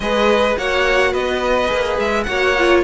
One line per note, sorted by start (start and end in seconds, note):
0.00 0.56 G#3
0.00 0.57 G#4
0.00 0.58 B4
0.00 0.56 D#5
0.57 1.13 A#3
0.57 1.66 F#4
0.57 1.11 C#5
0.57 1.13 F#5
1.11 1.69 B3
1.11 2.24 B4
1.11 1.98 D#5
1.66 1.98 A#3
1.66 2.22 G#4
1.98 2.26 G#3
1.98 2.23 E5
2.23 2.83 A#3
2.23 2.55 F#4
2.23 2.83 C#5
2.23 2.80 F#5
2.58 2.83 F4